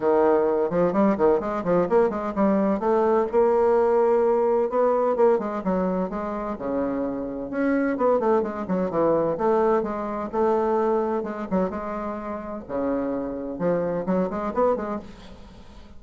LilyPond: \new Staff \with { instrumentName = "bassoon" } { \time 4/4 \tempo 4 = 128 dis4. f8 g8 dis8 gis8 f8 | ais8 gis8 g4 a4 ais4~ | ais2 b4 ais8 gis8 | fis4 gis4 cis2 |
cis'4 b8 a8 gis8 fis8 e4 | a4 gis4 a2 | gis8 fis8 gis2 cis4~ | cis4 f4 fis8 gis8 b8 gis8 | }